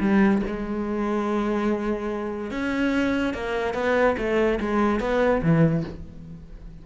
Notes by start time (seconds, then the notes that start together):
0.00 G3
0.47 G#3
2.51 C#4
3.34 A#3
3.74 B3
4.18 A3
4.60 G#3
5.00 B3
5.42 E3